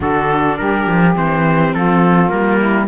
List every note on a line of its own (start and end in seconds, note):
0.00 0.59 D3
0.00 1.14 D4
0.00 0.57 F#4
0.00 0.57 A4
0.57 0.87 G3
0.57 1.74 G4
0.57 1.14 A#4
0.87 1.15 F3
1.15 1.73 E3
1.15 2.29 C4
1.15 1.74 C5
1.74 2.31 F3
1.74 2.58 F4
1.74 2.29 A4
2.29 2.87 G3
2.29 2.86 A#3
2.29 2.87 A#4
2.58 2.87 E4